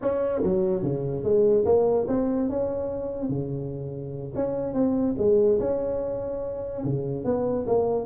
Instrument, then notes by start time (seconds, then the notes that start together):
tuba
0.01 C#4
0.43 F#3
0.83 C#3
1.23 G#3
1.65 A#3
2.07 C4
2.49 C#4
3.29 C#3
4.35 C#4
4.73 C4
5.17 G#3
5.59 C#4
6.84 C#3
7.24 B3
7.66 A#3